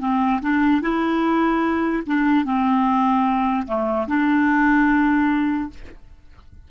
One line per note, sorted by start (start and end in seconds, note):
0.00 0.41 C4
0.42 0.82 D4
0.82 2.03 E4
2.06 2.45 D4
2.45 3.66 C4
3.67 4.07 A3
4.08 5.70 D4